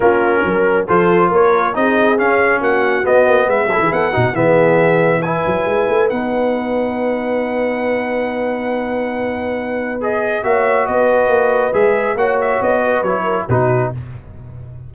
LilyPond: <<
  \new Staff \with { instrumentName = "trumpet" } { \time 4/4 \tempo 4 = 138 ais'2 c''4 cis''4 | dis''4 f''4 fis''4 dis''4 | e''4 fis''4 e''2 | gis''2 fis''2~ |
fis''1~ | fis''2. dis''4 | e''4 dis''2 e''4 | fis''8 e''8 dis''4 cis''4 b'4 | }
  \new Staff \with { instrumentName = "horn" } { \time 4/4 f'4 ais'4 a'4 ais'4 | gis'2 fis'2 | b'8 a'16 gis'16 a'8 fis'8 gis'2 | b'1~ |
b'1~ | b'1 | cis''4 b'2. | cis''4. b'4 ais'8 fis'4 | }
  \new Staff \with { instrumentName = "trombone" } { \time 4/4 cis'2 f'2 | dis'4 cis'2 b4~ | b8 e'4 dis'8 b2 | e'2 dis'2~ |
dis'1~ | dis'2. gis'4 | fis'2. gis'4 | fis'2 e'4 dis'4 | }
  \new Staff \with { instrumentName = "tuba" } { \time 4/4 ais4 fis4 f4 ais4 | c'4 cis'4 ais4 b8 ais8 | gis8 fis16 e16 b8 b,8 e2~ | e8 fis8 gis8 a8 b2~ |
b1~ | b1 | ais4 b4 ais4 gis4 | ais4 b4 fis4 b,4 | }
>>